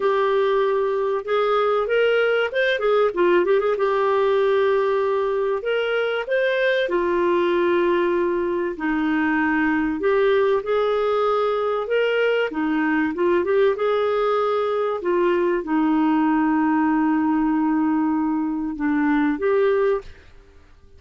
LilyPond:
\new Staff \with { instrumentName = "clarinet" } { \time 4/4 \tempo 4 = 96 g'2 gis'4 ais'4 | c''8 gis'8 f'8 g'16 gis'16 g'2~ | g'4 ais'4 c''4 f'4~ | f'2 dis'2 |
g'4 gis'2 ais'4 | dis'4 f'8 g'8 gis'2 | f'4 dis'2.~ | dis'2 d'4 g'4 | }